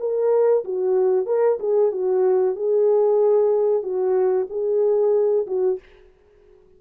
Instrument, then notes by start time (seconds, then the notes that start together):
horn
0.00 A#4
0.65 F#4
1.26 A#4
1.60 G#4
1.92 F#4
2.56 G#4
3.83 F#4
4.50 G#4
5.47 F#4